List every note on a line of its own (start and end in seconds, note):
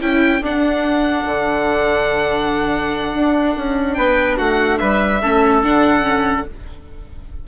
0.00 0.41 C#4
0.00 0.42 E4
0.00 3.97 A4
0.00 0.43 G5
0.41 1.24 D4
0.41 5.22 D4
0.41 3.93 F#5
1.25 3.13 D3
3.14 3.56 D4
3.56 3.97 C#4
3.93 4.38 B3
3.93 4.37 B4
3.93 4.35 G5
4.37 4.80 A3
4.37 4.79 F#4
4.37 4.78 F#5
4.78 5.23 G3
4.78 5.22 B4
4.78 5.62 E5
5.22 5.64 A3
5.22 5.64 C#4
5.22 6.47 A4
5.64 6.47 D3
5.64 6.02 D4
5.64 6.47 F#5
6.02 6.44 C#4